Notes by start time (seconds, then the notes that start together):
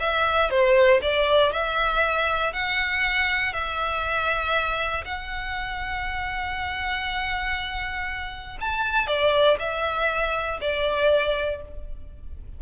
0.00 E5
0.50 C5
1.02 D5
1.53 E5
2.53 F#5
3.53 E5
5.05 F#5
8.61 A5
9.07 D5
9.59 E5
10.61 D5